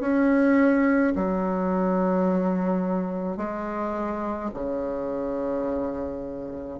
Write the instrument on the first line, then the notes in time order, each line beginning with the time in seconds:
bassoon
0.00 C#4
1.15 F#3
3.37 G#3
4.53 C#3